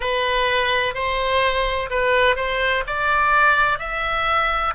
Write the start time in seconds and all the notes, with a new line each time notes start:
0.00 B4
0.94 C5
1.90 B4
2.35 C5
2.87 D5
3.78 E5